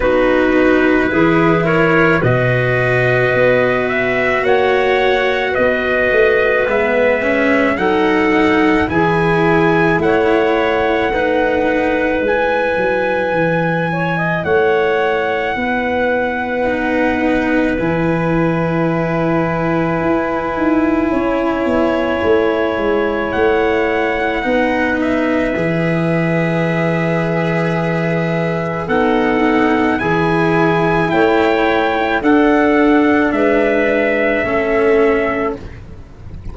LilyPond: <<
  \new Staff \with { instrumentName = "trumpet" } { \time 4/4 \tempo 4 = 54 b'4. cis''8 dis''4. e''8 | fis''4 dis''4 e''4 fis''4 | gis''4 fis''2 gis''4~ | gis''4 fis''2. |
gis''1~ | gis''4 fis''4. e''4.~ | e''2 fis''4 gis''4 | g''4 fis''4 e''2 | }
  \new Staff \with { instrumentName = "clarinet" } { \time 4/4 fis'4 gis'8 ais'8 b'2 | cis''4 b'2 a'4 | gis'4 cis''4 b'2~ | b'8 cis''16 dis''16 cis''4 b'2~ |
b'2. cis''4~ | cis''2 b'2~ | b'2 a'4 gis'4 | cis''4 a'4 b'4 a'4 | }
  \new Staff \with { instrumentName = "cello" } { \time 4/4 dis'4 e'4 fis'2~ | fis'2 b8 cis'8 dis'4 | e'2 dis'4 e'4~ | e'2. dis'4 |
e'1~ | e'2 dis'4 gis'4~ | gis'2 dis'4 e'4~ | e'4 d'2 cis'4 | }
  \new Staff \with { instrumentName = "tuba" } { \time 4/4 b4 e4 b,4 b4 | ais4 b8 a8 gis4 fis4 | e4 a2 gis8 fis8 | e4 a4 b2 |
e2 e'8 dis'8 cis'8 b8 | a8 gis8 a4 b4 e4~ | e2 b4 e4 | a4 d'4 gis4 a4 | }
>>